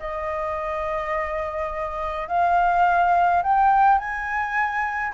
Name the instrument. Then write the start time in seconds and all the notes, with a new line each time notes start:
flute
0.00 D#5
2.28 F5
3.43 G5
3.99 G#5